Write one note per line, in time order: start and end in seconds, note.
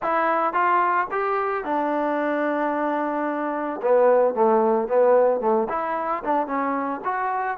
0.02 0.53 E4
0.53 1.07 F4
1.11 1.64 G4
1.64 3.80 D4
3.82 4.34 B3
4.34 4.87 A3
4.87 5.40 B3
5.40 5.67 A3
5.69 6.23 E4
6.24 6.46 D4
6.46 7.00 C#4
7.04 7.57 F#4